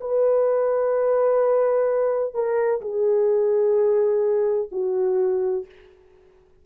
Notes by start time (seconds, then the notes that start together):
0.00 B4
2.34 A#4
2.81 G#4
4.71 F#4